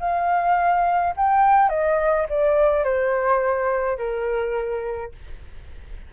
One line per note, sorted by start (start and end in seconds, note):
0.00 1.14 F5
1.17 1.70 G5
1.70 2.27 D#5
2.30 2.84 D5
2.84 3.98 C5
3.98 5.12 A#4